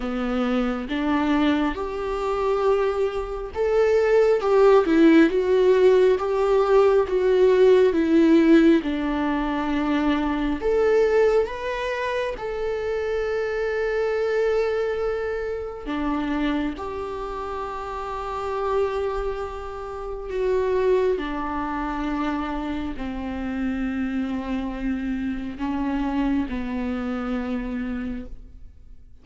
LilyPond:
\new Staff \with { instrumentName = "viola" } { \time 4/4 \tempo 4 = 68 b4 d'4 g'2 | a'4 g'8 e'8 fis'4 g'4 | fis'4 e'4 d'2 | a'4 b'4 a'2~ |
a'2 d'4 g'4~ | g'2. fis'4 | d'2 c'2~ | c'4 cis'4 b2 | }